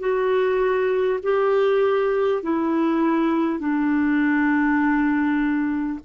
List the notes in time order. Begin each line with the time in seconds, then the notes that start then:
0.00 F#4
1.23 G4
2.43 E4
3.59 D4